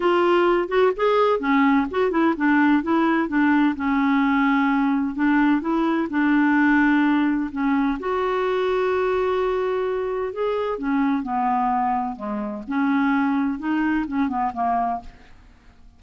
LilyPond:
\new Staff \with { instrumentName = "clarinet" } { \time 4/4 \tempo 4 = 128 f'4. fis'8 gis'4 cis'4 | fis'8 e'8 d'4 e'4 d'4 | cis'2. d'4 | e'4 d'2. |
cis'4 fis'2.~ | fis'2 gis'4 cis'4 | b2 gis4 cis'4~ | cis'4 dis'4 cis'8 b8 ais4 | }